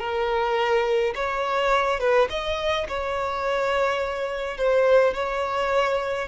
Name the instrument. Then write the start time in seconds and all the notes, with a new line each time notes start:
violin
0.00 A#4
1.15 C#5
2.00 B4
2.30 D#5
2.89 C#5
4.58 C5
5.14 C#5